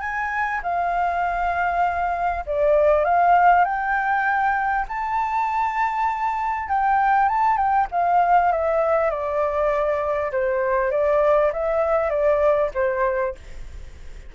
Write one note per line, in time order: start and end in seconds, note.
0.00 0.61 G#5
0.63 2.45 F5
2.46 3.04 D5
3.04 3.65 F5
3.65 4.86 G5
4.88 6.69 A5
6.69 7.29 G5
7.29 7.57 A5
7.57 7.87 G5
7.91 8.52 F5
8.52 9.10 E5
9.10 10.31 D5
10.32 10.91 C5
10.91 11.52 D5
11.53 12.10 E5
12.10 12.70 D5
12.74 13.35 C5